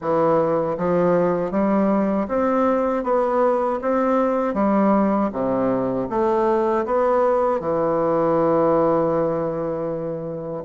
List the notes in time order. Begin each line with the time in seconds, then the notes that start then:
0.01 E3
0.77 F3
1.51 G3
2.28 C4
3.03 B3
3.81 C4
4.54 G3
5.32 C3
6.09 A3
6.85 B3
7.59 E3